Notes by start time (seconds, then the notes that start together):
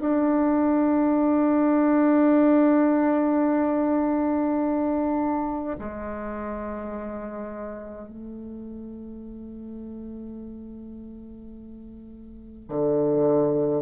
0.00 D4
5.78 G#3
8.08 A3
12.68 D3